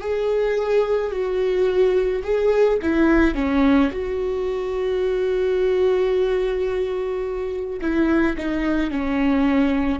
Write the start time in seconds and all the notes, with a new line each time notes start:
0.00 G#4
1.12 F#4
2.23 G#4
2.82 E4
3.35 C#4
3.91 F#4
7.81 E4
8.37 D#4
8.90 C#4